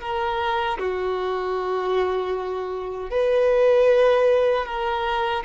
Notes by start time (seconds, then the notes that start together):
0.00 A#4
0.78 F#4
3.10 B4
4.65 A#4